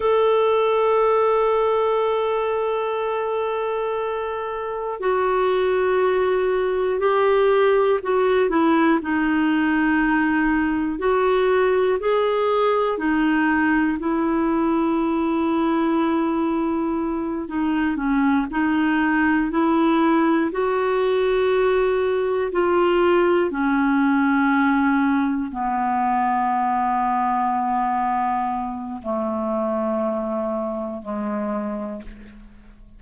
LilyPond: \new Staff \with { instrumentName = "clarinet" } { \time 4/4 \tempo 4 = 60 a'1~ | a'4 fis'2 g'4 | fis'8 e'8 dis'2 fis'4 | gis'4 dis'4 e'2~ |
e'4. dis'8 cis'8 dis'4 e'8~ | e'8 fis'2 f'4 cis'8~ | cis'4. b2~ b8~ | b4 a2 gis4 | }